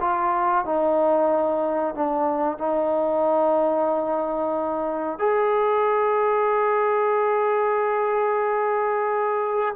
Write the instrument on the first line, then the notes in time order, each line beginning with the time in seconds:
trombone
0.00 F4
0.65 D#4
1.94 D4
2.58 D#4
5.18 G#4